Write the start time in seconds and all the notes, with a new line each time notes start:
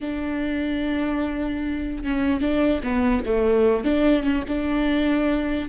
0.01 D4
2.03 C#4
2.40 D4
2.83 B3
3.25 A3
3.84 D4
4.23 C#4
4.48 D4